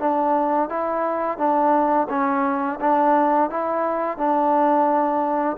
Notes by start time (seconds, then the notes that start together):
0.00 D4
0.69 E4
1.38 D4
2.09 C#4
2.81 D4
3.50 E4
4.18 D4